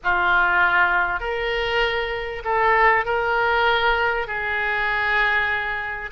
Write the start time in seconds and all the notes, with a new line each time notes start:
0.03 F4
1.20 A#4
2.44 A4
3.05 A#4
4.27 G#4